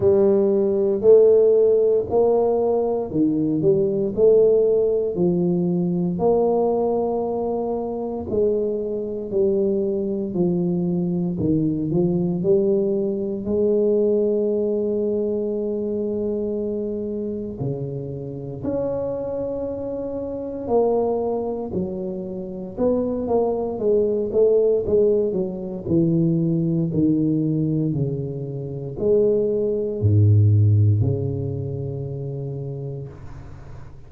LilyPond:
\new Staff \with { instrumentName = "tuba" } { \time 4/4 \tempo 4 = 58 g4 a4 ais4 dis8 g8 | a4 f4 ais2 | gis4 g4 f4 dis8 f8 | g4 gis2.~ |
gis4 cis4 cis'2 | ais4 fis4 b8 ais8 gis8 a8 | gis8 fis8 e4 dis4 cis4 | gis4 gis,4 cis2 | }